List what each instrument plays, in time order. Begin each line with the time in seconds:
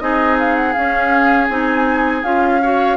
0.00 bassoon C4, clarinet D#4, oboe G#4, flute D#5
0.39 flute F5
0.56 flute F#5
0.73 bassoon C#4, clarinet C#4, flute F5
1.49 bassoon C4, clarinet D#4, flute G#5
2.23 bassoon C#4, clarinet F4, flute F5
2.62 clarinet F#4, oboe C#5